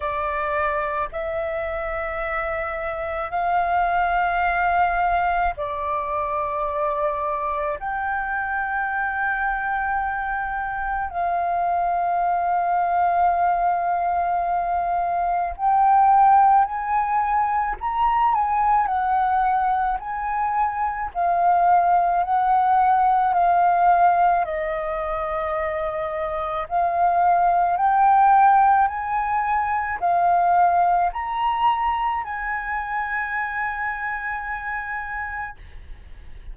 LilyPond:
\new Staff \with { instrumentName = "flute" } { \time 4/4 \tempo 4 = 54 d''4 e''2 f''4~ | f''4 d''2 g''4~ | g''2 f''2~ | f''2 g''4 gis''4 |
ais''8 gis''8 fis''4 gis''4 f''4 | fis''4 f''4 dis''2 | f''4 g''4 gis''4 f''4 | ais''4 gis''2. | }